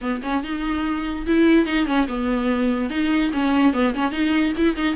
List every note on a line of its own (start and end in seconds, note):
0.01 0.21 B3
0.23 0.43 C#4
0.43 1.26 D#4
1.26 1.66 E4
1.66 1.86 D#4
1.86 2.07 C#4
2.07 2.90 B3
2.90 3.31 D#4
3.33 3.73 C#4
3.73 3.94 B3
3.94 4.11 C#4
4.11 4.52 D#4
4.57 4.75 E4
4.75 4.95 D#4